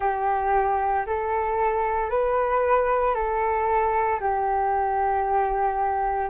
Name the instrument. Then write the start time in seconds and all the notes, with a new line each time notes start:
flute
0.00 G4
1.06 A4
2.10 B4
3.14 A4
4.20 G4